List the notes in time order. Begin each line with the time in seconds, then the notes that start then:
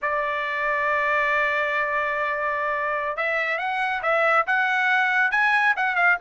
0.02 D5
3.16 E5
3.58 F#5
4.02 E5
4.46 F#5
5.31 G#5
5.76 F#5
5.95 F5